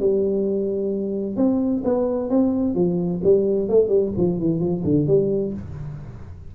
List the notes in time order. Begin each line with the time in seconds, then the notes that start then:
0.00 G3
1.37 C4
1.85 B3
2.30 C4
2.75 F3
3.24 G3
3.69 A3
3.89 G3
4.17 F3
4.40 E3
4.60 F3
4.84 D3
5.07 G3